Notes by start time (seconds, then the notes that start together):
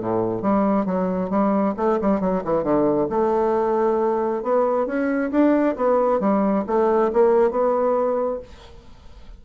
0.00 A2
0.42 G3
0.86 F#3
1.30 G3
1.77 A3
2.01 G3
2.20 F#3
2.44 E3
2.63 D3
3.09 A3
4.42 B3
4.86 C#4
5.31 D4
5.76 B3
6.20 G3
6.66 A3
7.13 A#3
7.51 B3